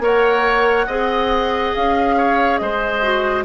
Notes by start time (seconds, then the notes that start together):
0.00 A#3 A#4 C#5 F#5
0.87 C4 G#4 D#5
1.75 C#4 F5
2.17 C#5
2.58 G#3 C5 D#5
3.02 F#4